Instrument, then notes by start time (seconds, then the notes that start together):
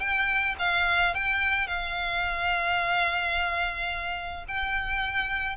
violin
0.00 G5
0.59 F5
1.15 G5
1.67 F5
4.48 G5